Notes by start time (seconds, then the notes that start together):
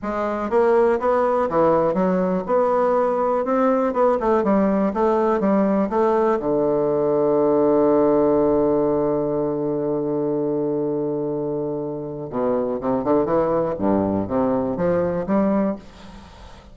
0.02 G#3
0.50 A#3
0.99 B3
1.49 E3
1.94 F#3
2.46 B3
3.44 C4
3.93 B3
4.19 A3
4.43 G3
4.93 A3
5.40 G3
5.89 A3
6.39 D3
12.30 B2
12.80 C3
13.04 D3
13.25 E3
13.78 G2
14.27 C3
14.77 F3
15.26 G3